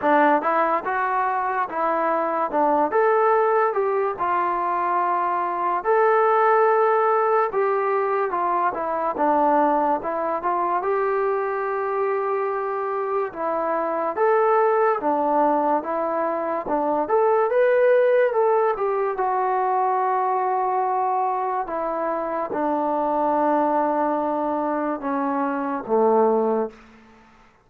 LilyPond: \new Staff \with { instrumentName = "trombone" } { \time 4/4 \tempo 4 = 72 d'8 e'8 fis'4 e'4 d'8 a'8~ | a'8 g'8 f'2 a'4~ | a'4 g'4 f'8 e'8 d'4 | e'8 f'8 g'2. |
e'4 a'4 d'4 e'4 | d'8 a'8 b'4 a'8 g'8 fis'4~ | fis'2 e'4 d'4~ | d'2 cis'4 a4 | }